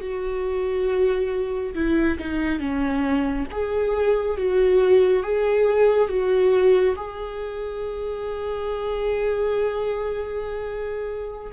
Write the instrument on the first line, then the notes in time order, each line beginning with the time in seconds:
viola
0.00 F#4
1.75 E4
2.19 D#4
2.59 C#4
3.51 G#4
4.37 F#4
5.23 G#4
6.08 F#4
6.96 G#4